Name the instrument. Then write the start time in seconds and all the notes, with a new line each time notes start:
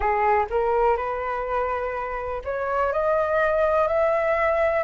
flute
0.00 G#4
0.50 A#4
0.97 B4
2.44 C#5
2.92 D#5
3.87 E5